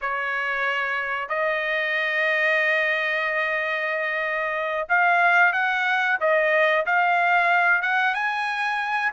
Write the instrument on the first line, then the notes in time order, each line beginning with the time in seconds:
trumpet
0.01 C#5
1.29 D#5
4.89 F5
5.53 F#5
6.20 D#5
6.85 F5
7.82 F#5
8.14 G#5